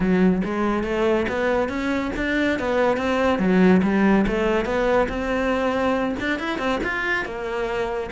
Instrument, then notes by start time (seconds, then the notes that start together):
cello
0.00 F#3
0.44 G#3
0.83 A3
1.28 B3
1.68 C#4
2.16 D4
2.59 B3
2.97 C4
3.38 F#3
3.83 G3
4.27 A3
4.65 B3
5.08 C4
6.19 D4
6.39 E4
6.58 C4
6.83 F4
7.25 A#3